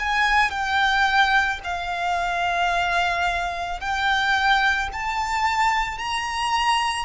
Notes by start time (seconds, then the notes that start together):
0.00 G#5
0.51 G5
1.64 F5
3.80 G5
4.93 A5
5.99 A#5